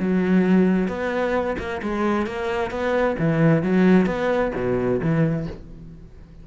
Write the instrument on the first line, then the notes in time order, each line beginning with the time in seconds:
cello
0.00 F#3
0.88 B3
1.59 A#3
1.83 G#3
2.27 A#3
2.71 B3
3.19 E3
3.63 F#3
4.06 B3
4.56 B2
5.02 E3